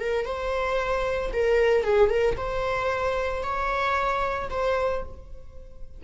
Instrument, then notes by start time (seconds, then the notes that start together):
viola
0.00 A#4
0.26 C5
1.33 A#4
1.84 G#4
2.10 A#4
2.37 C5
3.43 C#5
4.50 C5